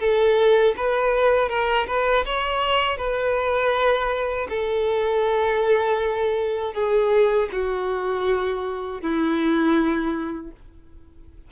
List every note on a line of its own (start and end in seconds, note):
0.00 0.75 A4
0.77 1.49 B4
1.49 1.87 A#4
1.88 2.25 B4
2.26 2.98 C#5
2.98 4.48 B4
4.50 6.74 A4
6.74 7.49 G#4
7.52 9.02 F#4
9.02 10.52 E4